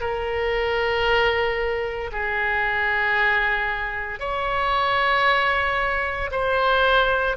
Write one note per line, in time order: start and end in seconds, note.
0.00 2.11 A#4
2.12 4.20 G#4
4.20 6.30 C#5
6.31 7.36 C5